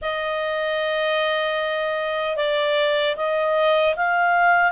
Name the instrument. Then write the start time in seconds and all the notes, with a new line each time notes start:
clarinet
0.01 D#5
2.36 D5
3.16 D#5
3.96 F5